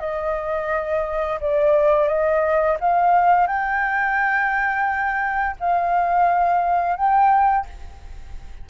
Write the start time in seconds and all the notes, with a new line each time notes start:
0.00 D#5
1.40 D5
2.08 D#5
2.80 F5
3.47 G5
5.60 F5
6.96 G5